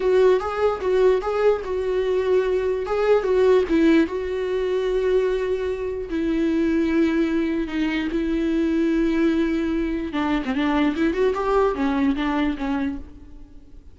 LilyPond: \new Staff \with { instrumentName = "viola" } { \time 4/4 \tempo 4 = 148 fis'4 gis'4 fis'4 gis'4 | fis'2. gis'4 | fis'4 e'4 fis'2~ | fis'2. e'4~ |
e'2. dis'4 | e'1~ | e'4 d'8. c'16 d'4 e'8 fis'8 | g'4 cis'4 d'4 cis'4 | }